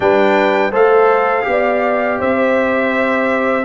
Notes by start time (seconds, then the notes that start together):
0.00 G3 D4 B4 G5
0.71 A3 A4 C5 F5
1.42 B3 G4
1.50 D5
2.19 C4 C5 E5